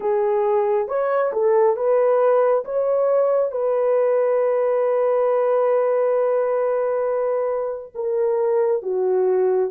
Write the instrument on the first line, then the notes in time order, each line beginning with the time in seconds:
horn
0.00 G#4
0.87 C#5
1.32 A4
1.76 B4
2.65 C#5
3.51 B4
7.95 A#4
8.82 F#4